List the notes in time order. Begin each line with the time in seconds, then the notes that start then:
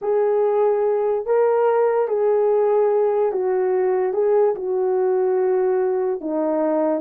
0.01 G#4
1.26 A#4
2.07 G#4
3.32 F#4
4.13 G#4
4.55 F#4
6.20 D#4